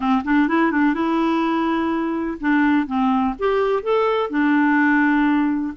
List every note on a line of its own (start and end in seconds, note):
0.00 0.22 C4
0.24 0.48 D4
0.48 0.71 E4
0.71 0.93 D4
0.93 2.37 E4
2.40 2.87 D4
2.87 3.35 C4
3.38 3.82 G4
3.82 4.30 A4
4.30 5.74 D4